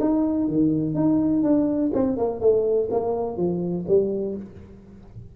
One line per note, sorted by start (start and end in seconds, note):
0.00 0.47 D#4
0.47 0.94 D#3
0.94 1.43 D#4
1.43 1.91 D4
1.94 2.17 C4
2.17 2.40 A#3
2.40 2.89 A3
2.91 3.37 A#3
3.37 3.85 F3
3.87 4.36 G3